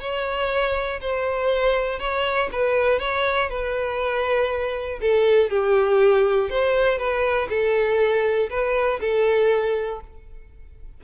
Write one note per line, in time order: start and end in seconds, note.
0.00 1.00 C#5
1.01 1.99 C5
1.99 2.49 C#5
2.52 2.99 B4
2.99 3.49 C#5
3.49 4.99 B4
5.00 5.49 A4
5.49 6.49 G4
6.49 6.98 C5
6.98 7.48 B4
7.49 8.49 A4
8.50 9.00 B4
9.00 10.00 A4